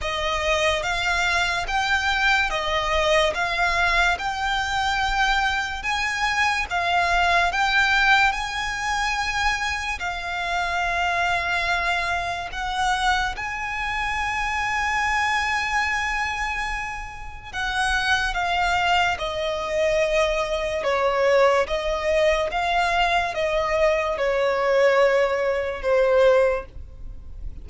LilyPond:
\new Staff \with { instrumentName = "violin" } { \time 4/4 \tempo 4 = 72 dis''4 f''4 g''4 dis''4 | f''4 g''2 gis''4 | f''4 g''4 gis''2 | f''2. fis''4 |
gis''1~ | gis''4 fis''4 f''4 dis''4~ | dis''4 cis''4 dis''4 f''4 | dis''4 cis''2 c''4 | }